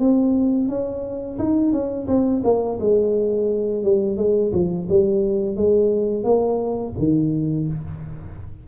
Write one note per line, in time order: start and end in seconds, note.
0.00 0.69 C4
0.69 1.39 C#4
1.39 1.73 D#4
1.73 2.08 C#4
2.08 2.43 C4
2.45 2.79 A#3
2.80 3.84 G#3
3.84 4.18 G3
4.18 4.53 G#3
4.53 4.88 F3
4.89 5.57 G3
5.57 6.24 G#3
6.24 6.94 A#3
6.99 7.68 D#3